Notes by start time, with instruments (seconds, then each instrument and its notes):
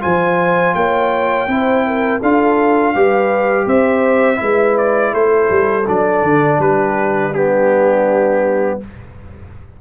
0.00 tuba F3, trombone F4, horn C5, trumpet G#5
0.74 tuba A#3, horn C#5, trumpet G5
1.47 tuba C4, trombone E4, horn C5
1.87 horn A#4
2.21 tuba D4, trombone F4, horn A4, trumpet F5
2.95 tuba G3, trombone G4, horn B4
3.64 tuba C4, horn C5, trumpet E5
4.36 tuba G#3, trombone E4, horn B4
4.77 trumpet D5
5.13 tuba A3, horn A4, trumpet C5
5.50 tuba G3
5.87 tuba F#3, trombone D4, trumpet D5
6.23 tuba D3
6.58 tuba G3, horn G4, trumpet B4
7.33 trombone B3, horn D4, trumpet G4